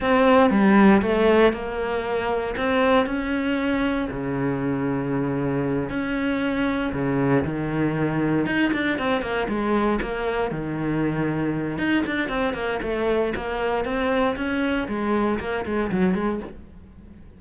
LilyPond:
\new Staff \with { instrumentName = "cello" } { \time 4/4 \tempo 4 = 117 c'4 g4 a4 ais4~ | ais4 c'4 cis'2 | cis2.~ cis8 cis'8~ | cis'4. cis4 dis4.~ |
dis8 dis'8 d'8 c'8 ais8 gis4 ais8~ | ais8 dis2~ dis8 dis'8 d'8 | c'8 ais8 a4 ais4 c'4 | cis'4 gis4 ais8 gis8 fis8 gis8 | }